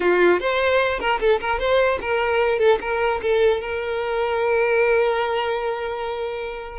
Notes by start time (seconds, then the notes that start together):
0.00 F4
0.40 C5
0.99 A#4
1.20 A4
1.40 A#4
1.59 C5
2.01 A#4
2.59 A4
2.80 A#4
3.22 A4
3.60 A#4